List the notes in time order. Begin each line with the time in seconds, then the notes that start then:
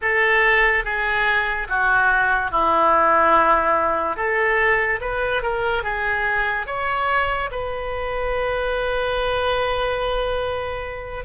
0.02 A4
0.84 G#4
1.68 F#4
2.51 E4
4.16 A4
5.00 B4
5.42 A#4
5.83 G#4
6.66 C#5
7.51 B4